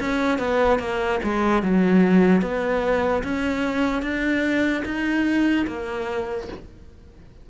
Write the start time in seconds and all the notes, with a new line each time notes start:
0.00 C#4
0.39 B3
0.79 A#3
1.23 G#3
1.63 F#3
2.42 B3
3.24 C#4
4.02 D4
4.85 D#4
5.67 A#3